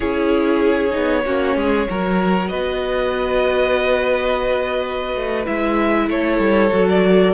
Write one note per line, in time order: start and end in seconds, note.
0.00 0.95 C#4
0.00 0.90 E4
0.00 1.22 G#4
0.00 2.48 C#5
0.90 1.26 B3
0.90 1.21 D#4
1.25 1.56 A#3
1.25 1.88 C#4
1.25 1.56 F#4
1.56 1.87 G#3
1.56 1.88 G#4
1.89 2.52 F#3
1.89 5.45 F#4
1.89 2.49 A#4
2.48 5.15 B3
2.48 6.09 B4
2.48 5.45 D#5
5.15 5.46 A3
5.45 6.08 G#3
5.45 6.70 E4
5.45 6.09 E5
6.08 6.38 A3
6.08 7.34 A4
6.08 6.88 C#5
6.38 6.70 G3
6.71 7.34 F#3
6.71 7.34 F#4
6.88 7.34 D5